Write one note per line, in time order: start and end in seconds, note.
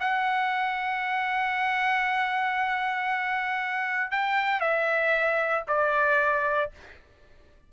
0.00 4.11 F#5
4.11 4.61 G5
4.61 5.64 E5
5.68 6.71 D5